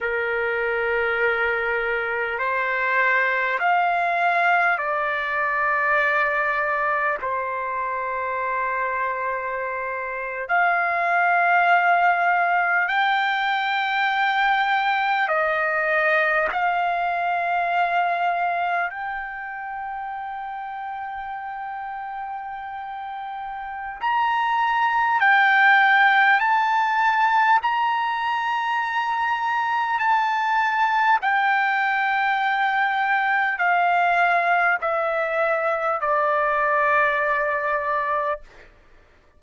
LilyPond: \new Staff \with { instrumentName = "trumpet" } { \time 4/4 \tempo 4 = 50 ais'2 c''4 f''4 | d''2 c''2~ | c''8. f''2 g''4~ g''16~ | g''8. dis''4 f''2 g''16~ |
g''1 | ais''4 g''4 a''4 ais''4~ | ais''4 a''4 g''2 | f''4 e''4 d''2 | }